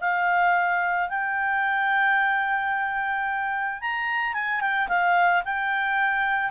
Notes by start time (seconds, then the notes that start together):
0.00 F5
1.09 G5
3.81 A#5
4.33 G#5
4.60 G5
4.88 F5
5.44 G5